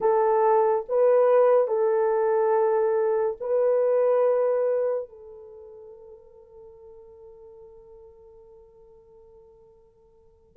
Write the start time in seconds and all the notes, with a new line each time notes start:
0.00 A4
0.89 B4
1.67 A4
3.40 B4
5.09 A4